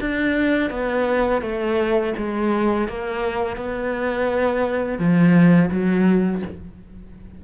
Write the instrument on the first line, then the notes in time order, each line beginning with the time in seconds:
cello
0.00 D4
0.70 B3
1.42 A3
2.17 G#3
2.88 A#3
3.56 B3
4.98 F3
5.70 F#3